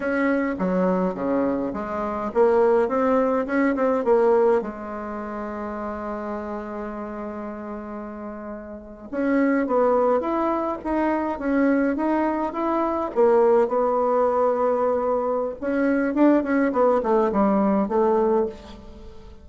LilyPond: \new Staff \with { instrumentName = "bassoon" } { \time 4/4 \tempo 4 = 104 cis'4 fis4 cis4 gis4 | ais4 c'4 cis'8 c'8 ais4 | gis1~ | gis2.~ gis8. cis'16~ |
cis'8. b4 e'4 dis'4 cis'16~ | cis'8. dis'4 e'4 ais4 b16~ | b2. cis'4 | d'8 cis'8 b8 a8 g4 a4 | }